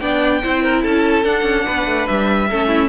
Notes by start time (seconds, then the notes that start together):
0.00 B3 D4 D5 G5
0.43 C4 E4 C5
0.63 A#4
0.82 C#4 A4 A5
1.24 D4 F#5
1.42 C#4
1.65 B3 B4
1.86 A3
2.07 G3 E5
2.49 A3 C#4 A4
2.68 E4